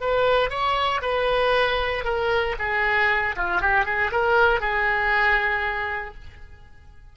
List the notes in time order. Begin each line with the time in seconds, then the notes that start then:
0.00 B4
0.50 C#5
1.01 B4
2.04 A#4
2.59 G#4
3.36 F4
3.61 G4
3.85 G#4
4.11 A#4
4.60 G#4